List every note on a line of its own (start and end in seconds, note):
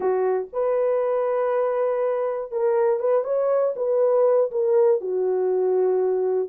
0.00 0.47 F#4
0.53 2.51 B4
2.51 2.99 A#4
2.99 3.24 B4
3.24 3.74 C#5
3.75 4.50 B4
4.51 5.00 A#4
5.00 6.49 F#4